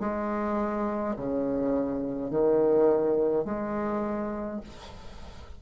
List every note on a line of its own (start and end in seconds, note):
0.00 1.15 G#3
1.16 2.31 C#3
2.31 3.45 D#3
3.45 4.60 G#3